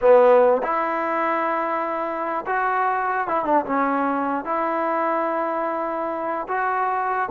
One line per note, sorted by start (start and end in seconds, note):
0.01 0.62 B3
0.62 2.45 E4
2.46 3.27 F#4
3.27 3.45 E4
3.45 3.65 D4
3.65 4.44 C#4
4.44 6.47 E4
6.48 7.29 F#4